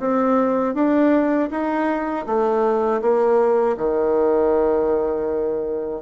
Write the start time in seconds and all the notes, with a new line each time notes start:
0.00 C4
0.75 D4
1.51 D#4
2.27 A3
3.02 A#3
3.77 D#3